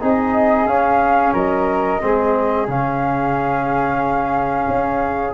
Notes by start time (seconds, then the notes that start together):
0.00 C4 D#4 G#4 D#5
0.66 C#4 F5
1.34 F#3 A#4 D#5
2.00 G#3 C4 G#4
2.67 C#3 C#4 F5
4.68 C#4